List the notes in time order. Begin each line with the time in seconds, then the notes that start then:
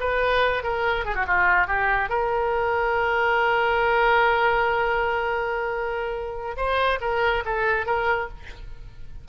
0.00 B4
0.63 A#4
1.05 G#4
1.15 F#4
1.26 F4
1.67 G4
2.09 A#4
6.57 C5
7.01 A#4
7.45 A4
7.86 A#4